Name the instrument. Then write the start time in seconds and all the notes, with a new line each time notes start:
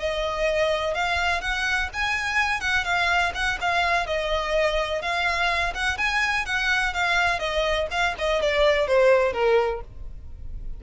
violin
0.00 D#5
0.94 F5
1.42 F#5
1.94 G#5
2.61 F#5
2.85 F5
3.35 F#5
3.61 F5
4.07 D#5
5.02 F5
5.75 F#5
5.98 G#5
6.46 F#5
6.94 F5
7.40 D#5
7.91 F5
8.18 D#5
8.42 D5
8.87 C5
9.33 A#4